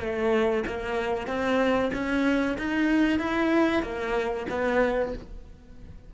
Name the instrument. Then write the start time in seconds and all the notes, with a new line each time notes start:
cello
0.00 A3
0.67 A#3
1.27 C4
1.94 C#4
2.59 D#4
3.19 E4
3.83 A#3
4.50 B3